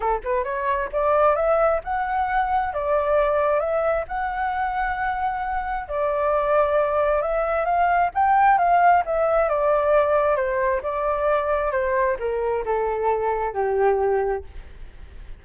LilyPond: \new Staff \with { instrumentName = "flute" } { \time 4/4 \tempo 4 = 133 a'8 b'8 cis''4 d''4 e''4 | fis''2 d''2 | e''4 fis''2.~ | fis''4 d''2. |
e''4 f''4 g''4 f''4 | e''4 d''2 c''4 | d''2 c''4 ais'4 | a'2 g'2 | }